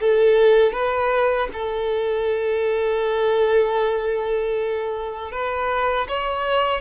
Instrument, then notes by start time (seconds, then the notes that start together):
violin
0.00 A4
0.72 B4
1.53 A4
5.31 B4
6.08 C#5